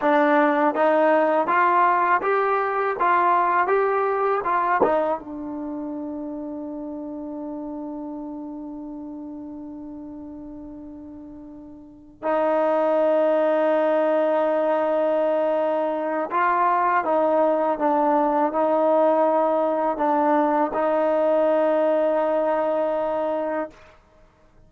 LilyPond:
\new Staff \with { instrumentName = "trombone" } { \time 4/4 \tempo 4 = 81 d'4 dis'4 f'4 g'4 | f'4 g'4 f'8 dis'8 d'4~ | d'1~ | d'1~ |
d'8 dis'2.~ dis'8~ | dis'2 f'4 dis'4 | d'4 dis'2 d'4 | dis'1 | }